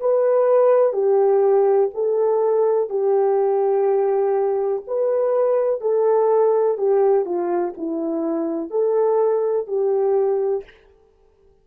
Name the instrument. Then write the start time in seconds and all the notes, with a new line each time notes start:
horn
0.00 B4
0.93 G4
1.94 A4
2.90 G4
4.87 B4
5.81 A4
6.78 G4
7.25 F4
7.78 E4
8.71 A4
9.68 G4